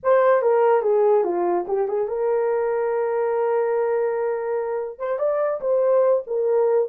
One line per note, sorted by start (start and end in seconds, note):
0.03 0.42 C5
0.42 0.82 A#4
0.82 1.23 G#4
1.23 1.65 F4
1.67 1.88 G4
1.88 2.08 G#4
2.08 4.98 A#4
4.98 5.18 C5
5.18 5.60 D5
5.60 6.23 C5
6.26 6.88 A#4